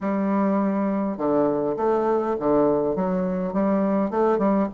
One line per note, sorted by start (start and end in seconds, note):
0.00 1.17 G3
1.17 1.76 D3
1.76 2.35 A3
2.39 2.95 D3
2.95 3.53 F#3
3.53 4.10 G3
4.10 4.38 A3
4.38 4.67 G3